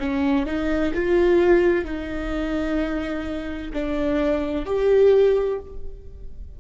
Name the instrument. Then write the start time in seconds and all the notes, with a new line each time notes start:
viola
0.00 C#4
0.46 D#4
0.95 F4
1.85 D#4
3.73 D4
4.66 G4